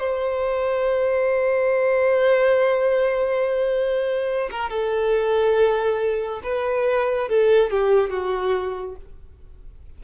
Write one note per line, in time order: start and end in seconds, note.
0.00 4.50 C5
4.51 4.70 A#4
4.70 6.42 A4
6.44 7.29 B4
7.29 7.71 A4
7.71 8.10 G4
8.10 8.96 F#4